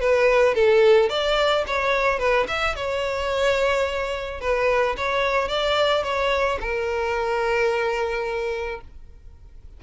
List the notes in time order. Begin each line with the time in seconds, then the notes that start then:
0.00 B4
0.54 A4
1.09 D5
1.67 C#5
2.19 B4
2.48 E5
2.75 C#5
4.41 B4
4.97 C#5
5.48 D5
6.03 C#5
6.61 A#4